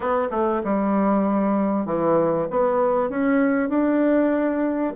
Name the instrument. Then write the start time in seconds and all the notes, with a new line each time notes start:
bassoon
0.00 B3
0.31 A3
0.64 G3
1.85 E3
2.50 B3
3.09 C#4
3.69 D4